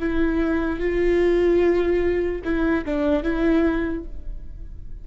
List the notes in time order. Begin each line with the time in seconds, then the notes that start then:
0.00 E4
0.80 F4
2.45 E4
2.86 D4
3.24 E4